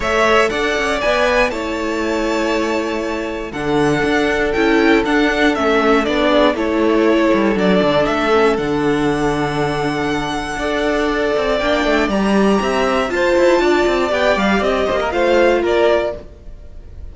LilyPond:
<<
  \new Staff \with { instrumentName = "violin" } { \time 4/4 \tempo 4 = 119 e''4 fis''4 gis''4 a''4~ | a''2. fis''4~ | fis''4 g''4 fis''4 e''4 | d''4 cis''2 d''4 |
e''4 fis''2.~ | fis''2. g''4 | ais''2 a''2 | g''8 f''8 dis''4 f''4 d''4 | }
  \new Staff \with { instrumentName = "violin" } { \time 4/4 cis''4 d''2 cis''4~ | cis''2. a'4~ | a'1~ | a'8 gis'8 a'2.~ |
a'1~ | a'4 d''2.~ | d''4 e''4 c''4 d''4~ | d''4. c''16 ais'16 c''4 ais'4 | }
  \new Staff \with { instrumentName = "viola" } { \time 4/4 a'2 b'4 e'4~ | e'2. d'4~ | d'4 e'4 d'4 cis'4 | d'4 e'2 d'4~ |
d'8 cis'8 d'2.~ | d'4 a'2 d'4 | g'2 f'2 | g'2 f'2 | }
  \new Staff \with { instrumentName = "cello" } { \time 4/4 a4 d'8 cis'8 b4 a4~ | a2. d4 | d'4 cis'4 d'4 a4 | b4 a4. g8 fis8 d8 |
a4 d2.~ | d4 d'4. c'8 ais8 a8 | g4 c'4 f'8 e'8 d'8 c'8 | b8 g8 c'8 ais8 a4 ais4 | }
>>